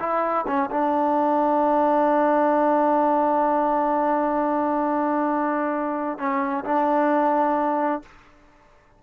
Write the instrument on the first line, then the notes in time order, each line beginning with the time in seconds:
trombone
0.00 E4
0.47 C#4
0.71 D4
6.19 C#4
6.65 D4